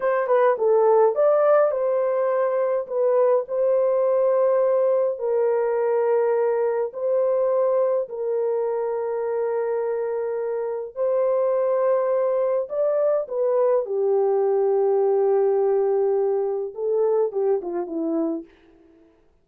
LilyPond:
\new Staff \with { instrumentName = "horn" } { \time 4/4 \tempo 4 = 104 c''8 b'8 a'4 d''4 c''4~ | c''4 b'4 c''2~ | c''4 ais'2. | c''2 ais'2~ |
ais'2. c''4~ | c''2 d''4 b'4 | g'1~ | g'4 a'4 g'8 f'8 e'4 | }